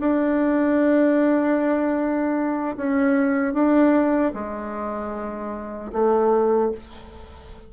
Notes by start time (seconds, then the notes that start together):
0.00 D4
2.77 C#4
3.54 D4
4.34 G#3
5.93 A3